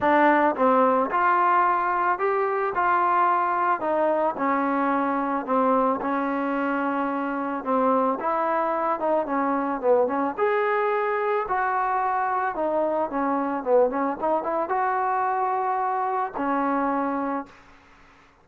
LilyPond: \new Staff \with { instrumentName = "trombone" } { \time 4/4 \tempo 4 = 110 d'4 c'4 f'2 | g'4 f'2 dis'4 | cis'2 c'4 cis'4~ | cis'2 c'4 e'4~ |
e'8 dis'8 cis'4 b8 cis'8 gis'4~ | gis'4 fis'2 dis'4 | cis'4 b8 cis'8 dis'8 e'8 fis'4~ | fis'2 cis'2 | }